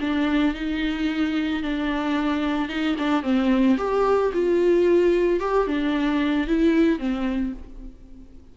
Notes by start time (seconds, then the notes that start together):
0.00 D4
0.54 D#4
1.62 D4
2.68 D#4
2.98 D4
3.22 C4
3.77 G4
4.33 F4
5.40 G4
5.67 D4
6.47 E4
6.99 C4